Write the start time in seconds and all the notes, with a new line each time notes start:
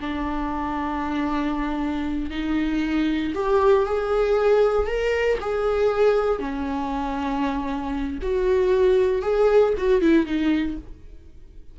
0.00 D4
2.31 D#4
3.34 G4
3.86 G#4
4.87 A#4
5.41 G#4
6.40 C#4
8.22 F#4
9.22 G#4
9.78 F#4
10.01 E4
10.26 D#4